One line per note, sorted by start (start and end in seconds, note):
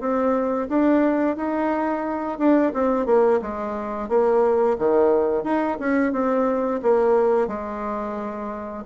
0.00 0.68 C4
0.69 1.37 D4
1.37 2.39 D#4
2.39 2.73 D4
2.74 3.06 C4
3.06 3.40 A#3
3.42 4.09 G#3
4.09 4.77 A#3
4.79 5.44 D#3
5.44 5.78 D#4
5.80 6.13 C#4
6.13 6.81 C4
6.82 7.48 A#3
7.48 8.84 G#3